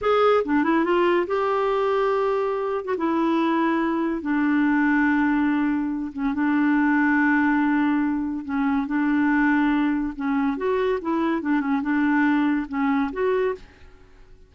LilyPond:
\new Staff \with { instrumentName = "clarinet" } { \time 4/4 \tempo 4 = 142 gis'4 d'8 e'8 f'4 g'4~ | g'2~ g'8. fis'16 e'4~ | e'2 d'2~ | d'2~ d'8 cis'8 d'4~ |
d'1 | cis'4 d'2. | cis'4 fis'4 e'4 d'8 cis'8 | d'2 cis'4 fis'4 | }